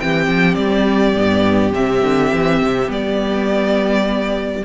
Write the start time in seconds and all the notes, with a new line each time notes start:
0.00 E3 C4 G4 G5
0.28 F3
0.55 G3 D5
1.16 G2 B3
1.73 C3 C4 E5
2.02 D3
2.34 E3
2.62 C3
2.88 G3 B3 D5